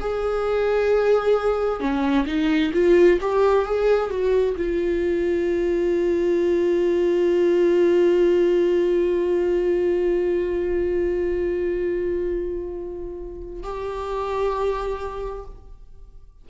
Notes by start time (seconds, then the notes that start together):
0.00 G#4
1.80 C#4
2.26 D#4
2.74 F4
3.21 G4
3.65 G#4
4.10 F#4
4.57 F4
13.63 G4